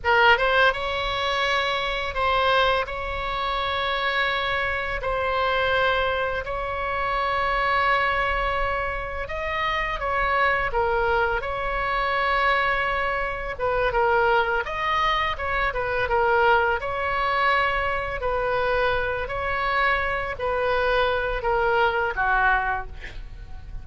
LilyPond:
\new Staff \with { instrumentName = "oboe" } { \time 4/4 \tempo 4 = 84 ais'8 c''8 cis''2 c''4 | cis''2. c''4~ | c''4 cis''2.~ | cis''4 dis''4 cis''4 ais'4 |
cis''2. b'8 ais'8~ | ais'8 dis''4 cis''8 b'8 ais'4 cis''8~ | cis''4. b'4. cis''4~ | cis''8 b'4. ais'4 fis'4 | }